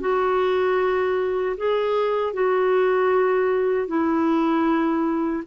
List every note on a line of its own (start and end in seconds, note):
0.00 1.56 F#4
1.57 2.33 G#4
2.33 3.87 F#4
3.87 5.43 E4